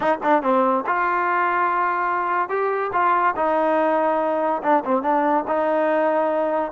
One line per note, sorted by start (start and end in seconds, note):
0.00 0.18 D#4
0.23 0.42 D4
0.42 0.84 C4
0.86 2.49 F4
2.49 2.91 G4
2.93 3.35 F4
3.36 4.62 D#4
4.62 4.83 D4
4.84 5.02 C4
5.02 5.44 D4
5.47 6.71 D#4